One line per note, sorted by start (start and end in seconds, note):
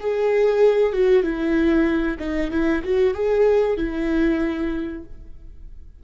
0.00 0.93 G#4
0.93 1.23 F#4
1.23 2.18 E4
2.19 2.51 D#4
2.51 2.82 E4
2.84 3.14 F#4
3.14 3.77 G#4
3.78 5.04 E4